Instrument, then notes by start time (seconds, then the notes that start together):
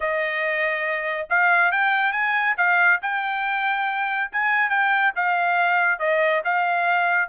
trumpet
0.00 D#5
1.29 F5
1.71 G5
2.12 G#5
2.57 F5
3.02 G5
4.31 G#5
4.69 G5
5.15 F5
5.99 D#5
6.44 F5